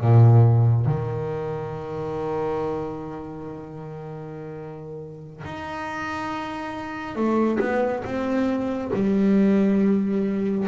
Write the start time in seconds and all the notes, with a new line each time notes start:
0.00 A#2
0.86 D#3
5.44 D#4
7.15 A3
7.59 B3
8.04 C4
8.93 G3